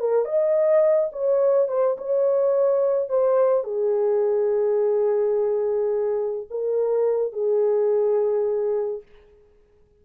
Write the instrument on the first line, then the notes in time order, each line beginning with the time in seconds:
horn
0.00 A#4
0.25 D#5
1.13 C#5
1.69 C5
1.98 C#5
3.09 C5
3.64 G#4
6.51 A#4
7.33 G#4